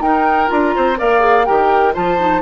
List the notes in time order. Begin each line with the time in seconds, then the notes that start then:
0.00 D#4 A#4 G5
0.47 D4 F4 A#5
0.75 C4 C5
0.97 A#3 A#4 D5 F5
1.20 G#4
1.45 D#3 G4 A#4 G5
1.93 F3 F4 C5 A5
2.18 D#4